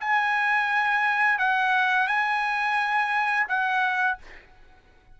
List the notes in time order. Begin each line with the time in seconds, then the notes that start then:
0.00 G#5
1.39 F#5
2.07 G#5
3.48 F#5